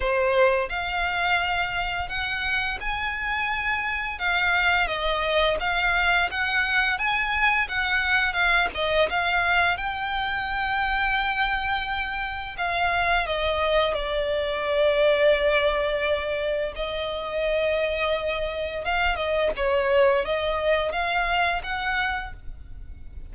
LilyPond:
\new Staff \with { instrumentName = "violin" } { \time 4/4 \tempo 4 = 86 c''4 f''2 fis''4 | gis''2 f''4 dis''4 | f''4 fis''4 gis''4 fis''4 | f''8 dis''8 f''4 g''2~ |
g''2 f''4 dis''4 | d''1 | dis''2. f''8 dis''8 | cis''4 dis''4 f''4 fis''4 | }